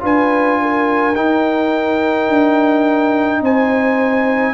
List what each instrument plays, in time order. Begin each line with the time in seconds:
0.00 tuba D4, trombone F4, horn B4, trumpet G#5
0.62 horn A#4
1.15 tuba D#4, trombone D#4, trumpet G5
2.28 tuba D4
3.41 tuba C4, horn C5, trumpet G#5